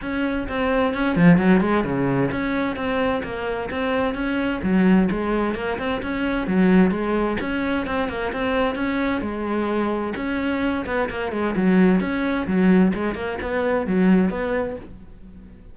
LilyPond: \new Staff \with { instrumentName = "cello" } { \time 4/4 \tempo 4 = 130 cis'4 c'4 cis'8 f8 fis8 gis8 | cis4 cis'4 c'4 ais4 | c'4 cis'4 fis4 gis4 | ais8 c'8 cis'4 fis4 gis4 |
cis'4 c'8 ais8 c'4 cis'4 | gis2 cis'4. b8 | ais8 gis8 fis4 cis'4 fis4 | gis8 ais8 b4 fis4 b4 | }